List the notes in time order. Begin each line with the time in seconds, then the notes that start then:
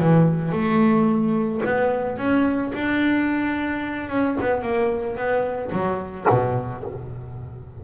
0.00 E3
0.52 A3
1.66 B3
2.18 C#4
2.74 D4
4.10 C#4
4.41 B3
4.63 A#3
5.17 B3
5.72 F#3
6.30 B2